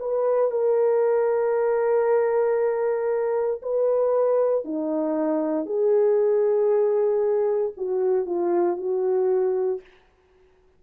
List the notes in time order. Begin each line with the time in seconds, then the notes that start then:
0.00 B4
0.51 A#4
3.63 B4
4.65 D#4
5.66 G#4
7.78 F#4
8.26 F4
8.77 F#4